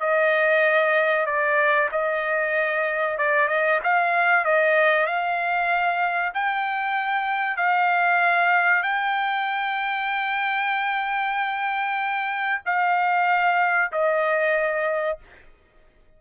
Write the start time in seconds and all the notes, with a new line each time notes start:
0.00 D#5
1.26 D5
1.92 D#5
3.18 D5
3.48 D#5
3.84 F5
4.45 D#5
5.06 F5
6.34 G5
7.57 F5
8.83 G5
12.65 F5
13.92 D#5